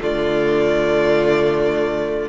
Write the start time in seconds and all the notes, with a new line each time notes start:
0.00 D3 A3 F4 D5